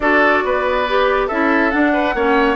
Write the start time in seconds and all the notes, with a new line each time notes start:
0.00 D4 F#4 A4 D5
0.44 B3 B4
0.88 G4
1.27 C#4 E4 A4 E5
1.71 D4 F#5
1.93 B4
2.14 A#3 C#4 C#5